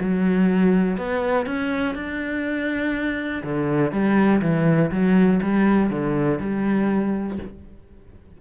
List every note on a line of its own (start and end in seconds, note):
0.00 0.97 F#3
0.97 1.46 B3
1.46 1.95 C#4
1.95 3.42 D4
3.43 3.91 D3
3.91 4.41 G3
4.41 4.90 E3
4.91 5.40 F#3
5.42 5.90 G3
5.90 6.39 D3
6.40 7.38 G3